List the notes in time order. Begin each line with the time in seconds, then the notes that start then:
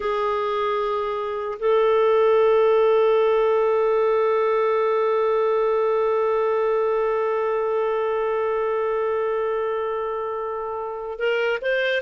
0.00 G#4
1.59 A4
11.19 A#4
11.61 C5